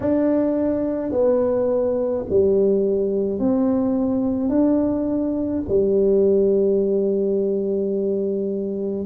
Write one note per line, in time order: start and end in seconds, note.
0.00 1.11 D4
1.11 2.24 B3
2.30 3.39 G3
3.39 4.49 C4
4.49 5.62 D4
5.68 9.05 G3